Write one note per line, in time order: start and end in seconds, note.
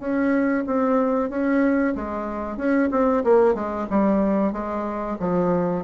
0.00 0.65 C#4
0.67 1.30 C4
1.30 1.94 C#4
1.96 2.57 G#3
2.57 2.90 C#4
2.91 3.24 C4
3.24 3.55 A#3
3.55 3.87 G#3
3.90 4.53 G3
4.53 5.18 G#3
5.20 5.85 F3